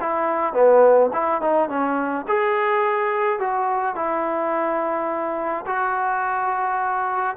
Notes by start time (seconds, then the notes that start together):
0.00 E4
0.53 B3
1.13 E4
1.41 D#4
1.69 C#4
2.27 G#4
3.39 F#4
3.95 E4
5.66 F#4